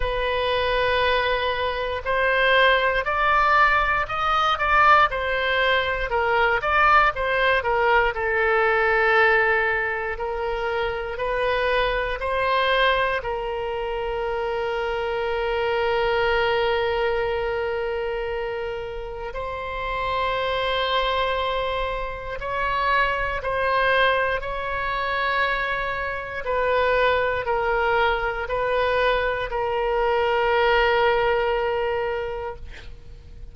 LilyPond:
\new Staff \with { instrumentName = "oboe" } { \time 4/4 \tempo 4 = 59 b'2 c''4 d''4 | dis''8 d''8 c''4 ais'8 d''8 c''8 ais'8 | a'2 ais'4 b'4 | c''4 ais'2.~ |
ais'2. c''4~ | c''2 cis''4 c''4 | cis''2 b'4 ais'4 | b'4 ais'2. | }